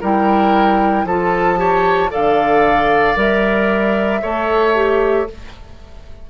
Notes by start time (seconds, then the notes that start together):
0.00 G3 E4 A#4 G5
1.04 F3 F4 A4 A5
1.57 G4 C#5
2.10 D3 A4 D5 F5
3.15 G3 A#4 E5
4.21 A3 A4 C#5
4.74 G4